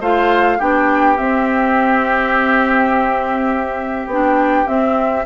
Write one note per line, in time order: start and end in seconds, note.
0.00 0.58 A3
0.00 0.59 F4
0.00 0.58 C5
0.00 0.61 F5
0.58 1.19 B3
0.58 1.17 D4
0.58 5.24 G4
0.58 1.17 G5
1.17 4.08 C4
1.17 4.07 C4
1.17 4.09 E5
4.07 4.65 B3
4.07 4.66 D4
4.07 4.67 G5
4.66 5.24 C4
4.66 5.26 C4
4.66 5.25 E5